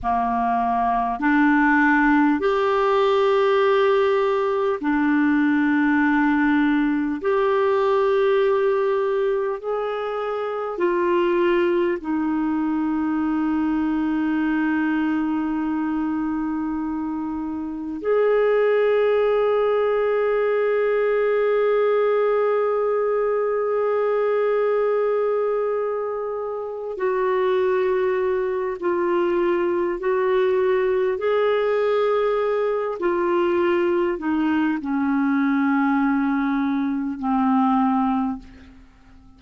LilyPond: \new Staff \with { instrumentName = "clarinet" } { \time 4/4 \tempo 4 = 50 ais4 d'4 g'2 | d'2 g'2 | gis'4 f'4 dis'2~ | dis'2. gis'4~ |
gis'1~ | gis'2~ gis'8 fis'4. | f'4 fis'4 gis'4. f'8~ | f'8 dis'8 cis'2 c'4 | }